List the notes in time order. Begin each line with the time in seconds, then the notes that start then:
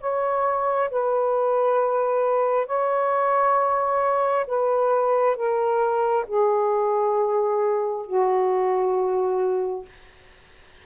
0.00 C#5
0.90 B4
2.66 C#5
4.47 B4
5.36 A#4
6.26 G#4
8.06 F#4